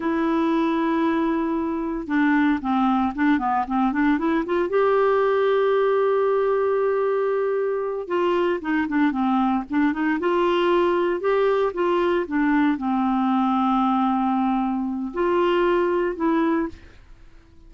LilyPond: \new Staff \with { instrumentName = "clarinet" } { \time 4/4 \tempo 4 = 115 e'1 | d'4 c'4 d'8 b8 c'8 d'8 | e'8 f'8 g'2.~ | g'2.~ g'8 f'8~ |
f'8 dis'8 d'8 c'4 d'8 dis'8 f'8~ | f'4. g'4 f'4 d'8~ | d'8 c'2.~ c'8~ | c'4 f'2 e'4 | }